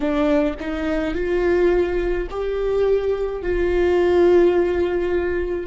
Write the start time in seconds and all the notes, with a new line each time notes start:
0.00 D4
0.59 D#4
1.14 F4
2.30 G4
3.42 F4